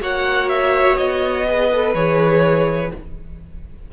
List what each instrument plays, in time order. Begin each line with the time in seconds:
0.00 cello A#3, viola F#4, violin C#5 F#5
0.48 violin E5
0.96 cello B3, violin D#5
1.45 viola G#4, violin B4
1.72 viola A4
1.94 cello E3, viola G#4, violin C#5